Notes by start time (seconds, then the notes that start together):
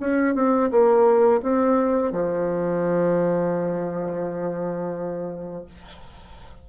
0.00 C#4
0.35 C4
0.71 A#3
1.42 C4
2.12 F3